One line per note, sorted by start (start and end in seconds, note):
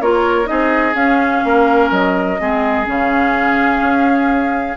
0.00 0.48 A#3
0.00 0.45 F4
0.00 0.49 A#4
0.00 0.46 C#5
0.45 0.94 C4
0.45 0.93 D#4
0.45 1.44 G#4
0.45 0.94 D#5
0.94 1.41 C#4
0.94 2.38 C#4
0.94 1.90 F5
1.44 1.91 A#3
1.44 2.40 A#4
1.91 2.38 F#3
1.91 2.86 D#5
2.39 2.87 G#3
2.39 2.85 C4
2.39 4.77 G#4
2.85 3.80 C#3
2.85 4.75 C#4
2.85 4.77 F5
3.80 4.76 C#4